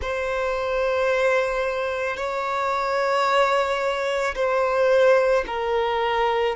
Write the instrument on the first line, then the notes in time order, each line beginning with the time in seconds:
violin
0.01 C5
2.16 C#5
4.35 C5
5.46 A#4